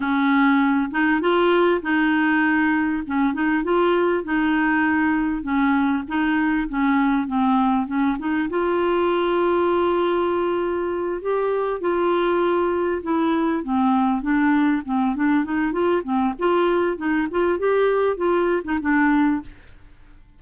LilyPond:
\new Staff \with { instrumentName = "clarinet" } { \time 4/4 \tempo 4 = 99 cis'4. dis'8 f'4 dis'4~ | dis'4 cis'8 dis'8 f'4 dis'4~ | dis'4 cis'4 dis'4 cis'4 | c'4 cis'8 dis'8 f'2~ |
f'2~ f'8 g'4 f'8~ | f'4. e'4 c'4 d'8~ | d'8 c'8 d'8 dis'8 f'8 c'8 f'4 | dis'8 f'8 g'4 f'8. dis'16 d'4 | }